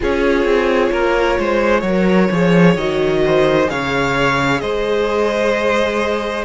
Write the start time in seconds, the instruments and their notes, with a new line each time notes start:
0.00 cello C#4, viola F4, violin G#4 C#5
0.44 cello C4
0.91 cello A#3, violin A#4
1.38 cello G#3, violin C5
1.80 cello F#3, viola A#4, violin C#5
2.31 cello F3, viola G#4
2.75 cello D#3, viola F#4, violin D#5
3.25 violin C5
3.67 cello C#3, viola G#4, violin C#5 F5
4.60 cello G#3, violin C5 D#5